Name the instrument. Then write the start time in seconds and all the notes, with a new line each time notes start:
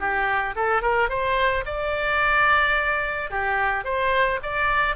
oboe
0.00 G4
0.56 A4
0.82 A#4
1.09 C5
1.66 D5
3.31 G4
3.85 C5
4.43 D5